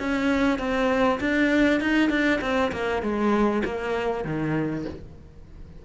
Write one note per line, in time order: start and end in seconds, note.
0.00 0.59 C#4
0.59 1.20 C4
1.20 1.81 D4
1.81 2.10 D#4
2.10 2.40 D4
2.42 2.72 C4
2.72 3.03 A#3
3.03 3.63 G#3
3.66 4.25 A#3
4.25 4.86 D#3